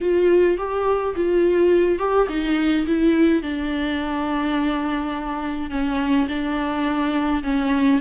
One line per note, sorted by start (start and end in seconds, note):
0.01 0.57 F4
0.57 1.14 G4
1.15 1.98 F4
1.98 2.27 G4
2.29 2.86 D#4
2.86 3.42 E4
3.42 5.70 D4
5.70 6.27 C#4
6.28 7.42 D4
7.43 8.00 C#4